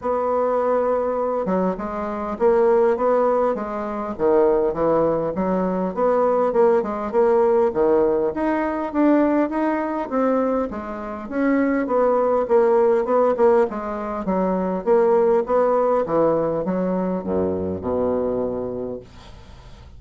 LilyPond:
\new Staff \with { instrumentName = "bassoon" } { \time 4/4 \tempo 4 = 101 b2~ b8 fis8 gis4 | ais4 b4 gis4 dis4 | e4 fis4 b4 ais8 gis8 | ais4 dis4 dis'4 d'4 |
dis'4 c'4 gis4 cis'4 | b4 ais4 b8 ais8 gis4 | fis4 ais4 b4 e4 | fis4 fis,4 b,2 | }